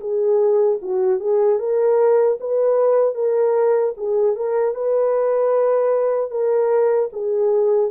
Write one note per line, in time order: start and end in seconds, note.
0.00 0.79 G#4
0.81 1.20 F#4
1.20 1.59 G#4
1.59 2.38 A#4
2.40 3.15 B4
3.15 3.94 A#4
3.97 4.36 G#4
4.36 4.74 A#4
4.74 6.31 B4
6.31 7.09 A#4
7.13 7.91 G#4